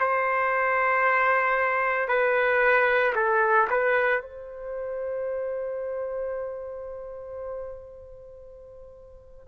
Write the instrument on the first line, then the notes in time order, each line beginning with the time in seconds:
trumpet
0.00 C5
2.08 B4
3.15 A4
3.70 B4
4.21 C5